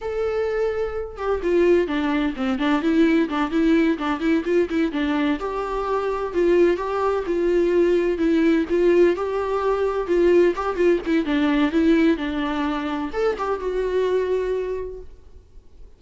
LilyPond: \new Staff \with { instrumentName = "viola" } { \time 4/4 \tempo 4 = 128 a'2~ a'8 g'8 f'4 | d'4 c'8 d'8 e'4 d'8 e'8~ | e'8 d'8 e'8 f'8 e'8 d'4 g'8~ | g'4. f'4 g'4 f'8~ |
f'4. e'4 f'4 g'8~ | g'4. f'4 g'8 f'8 e'8 | d'4 e'4 d'2 | a'8 g'8 fis'2. | }